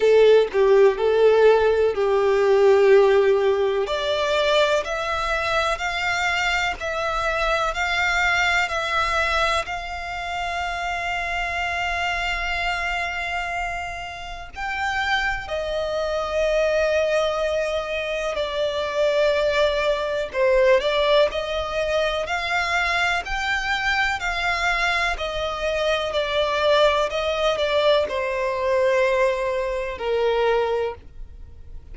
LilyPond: \new Staff \with { instrumentName = "violin" } { \time 4/4 \tempo 4 = 62 a'8 g'8 a'4 g'2 | d''4 e''4 f''4 e''4 | f''4 e''4 f''2~ | f''2. g''4 |
dis''2. d''4~ | d''4 c''8 d''8 dis''4 f''4 | g''4 f''4 dis''4 d''4 | dis''8 d''8 c''2 ais'4 | }